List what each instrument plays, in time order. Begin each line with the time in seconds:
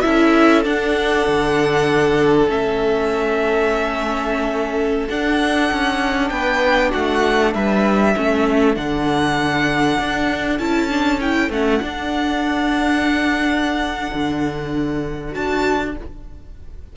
0.00 cello C#4, viola E4, violin A4 E5
0.63 viola D4, cello D4, violin F#5
1.26 cello D3
2.47 cello A3, viola C#4, violin E5
5.08 viola D4, cello D4, violin F#5
5.71 cello C#4
6.29 cello B3, violin B4 G5
6.90 cello A3, violin F#4 F#5
7.54 cello G3, violin B4 E5
8.11 cello A3, viola C#4, violin A4
8.74 cello D3, viola D4, violin F#5
9.99 cello D4
10.58 cello C#4, viola E4, violin A5
10.89 viola D4
11.20 viola E4, violin G5
11.49 cello A3, viola C#4, violin F#5
11.81 viola D4, cello D4
14.13 cello D3
15.31 cello D4, viola F#4, violin A5